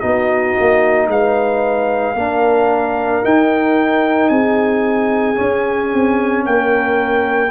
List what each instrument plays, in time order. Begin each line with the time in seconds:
0.00 tuba B3, trombone D#4, horn F#4, trumpet D#5
0.60 tuba A#3
1.08 tuba G#3, horn B4, trumpet F5
2.15 tuba A#3, trombone D4, horn A#4
3.23 trombone D#4, tuba D#4, trumpet G5
4.29 tuba C4, horn G#4, trumpet G#5
5.35 trombone C#4, tuba C#4
5.94 tuba C4
6.46 tuba A#3, horn A#4, trumpet G5